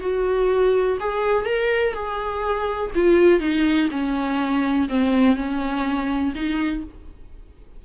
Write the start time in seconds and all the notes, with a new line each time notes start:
0.00 F#4
1.00 G#4
1.45 A#4
1.93 G#4
2.94 F4
3.39 D#4
3.90 C#4
4.88 C4
5.35 C#4
6.35 D#4